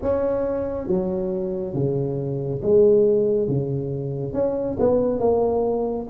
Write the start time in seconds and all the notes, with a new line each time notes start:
0.02 C#4
0.87 F#3
1.74 C#3
2.61 G#3
3.48 C#3
4.33 C#4
4.79 B3
5.19 A#3